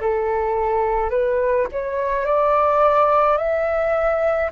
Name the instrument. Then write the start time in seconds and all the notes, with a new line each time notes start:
flute
0.00 A4
1.10 B4
1.71 C#5
2.25 D5
3.37 E5